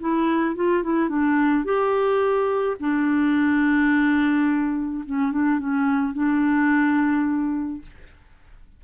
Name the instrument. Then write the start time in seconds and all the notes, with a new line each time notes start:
clarinet
0.00 E4
0.56 F4
0.83 E4
1.09 D4
1.65 G4
2.80 D4
5.06 C#4
5.32 D4
5.59 C#4
6.14 D4